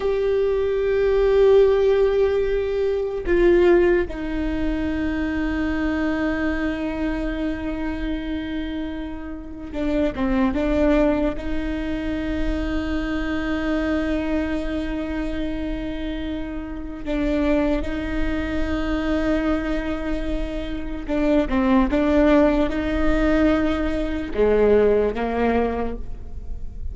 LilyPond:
\new Staff \with { instrumentName = "viola" } { \time 4/4 \tempo 4 = 74 g'1 | f'4 dis'2.~ | dis'1 | d'8 c'8 d'4 dis'2~ |
dis'1~ | dis'4 d'4 dis'2~ | dis'2 d'8 c'8 d'4 | dis'2 gis4 ais4 | }